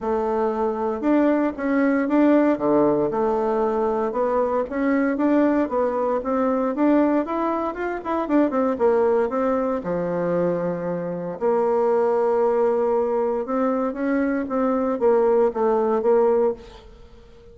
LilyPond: \new Staff \with { instrumentName = "bassoon" } { \time 4/4 \tempo 4 = 116 a2 d'4 cis'4 | d'4 d4 a2 | b4 cis'4 d'4 b4 | c'4 d'4 e'4 f'8 e'8 |
d'8 c'8 ais4 c'4 f4~ | f2 ais2~ | ais2 c'4 cis'4 | c'4 ais4 a4 ais4 | }